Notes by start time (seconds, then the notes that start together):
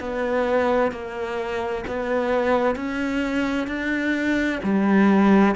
0.00 B3
0.91 A#3
1.87 B3
2.75 C#4
3.67 D4
4.63 G3